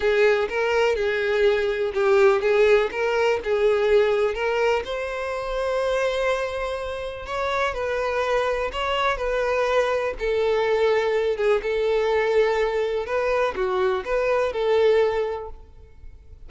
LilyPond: \new Staff \with { instrumentName = "violin" } { \time 4/4 \tempo 4 = 124 gis'4 ais'4 gis'2 | g'4 gis'4 ais'4 gis'4~ | gis'4 ais'4 c''2~ | c''2. cis''4 |
b'2 cis''4 b'4~ | b'4 a'2~ a'8 gis'8 | a'2. b'4 | fis'4 b'4 a'2 | }